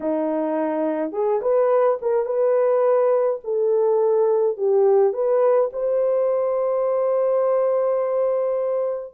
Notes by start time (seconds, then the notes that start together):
0.00 D#4
1.11 G#4
1.41 B4
2.01 A#4
2.25 B4
3.44 A4
4.57 G4
5.13 B4
5.72 C5